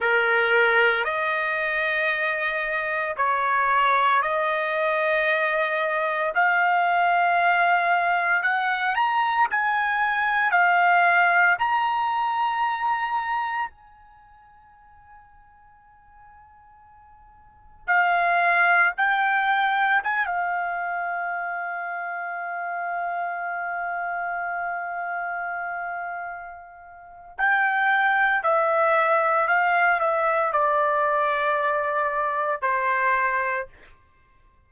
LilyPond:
\new Staff \with { instrumentName = "trumpet" } { \time 4/4 \tempo 4 = 57 ais'4 dis''2 cis''4 | dis''2 f''2 | fis''8 ais''8 gis''4 f''4 ais''4~ | ais''4 gis''2.~ |
gis''4 f''4 g''4 gis''16 f''8.~ | f''1~ | f''2 g''4 e''4 | f''8 e''8 d''2 c''4 | }